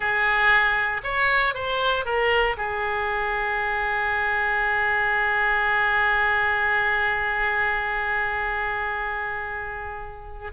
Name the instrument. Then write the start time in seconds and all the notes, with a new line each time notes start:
oboe
0.00 G#4
1.03 C#5
1.54 C5
2.05 A#4
2.57 G#4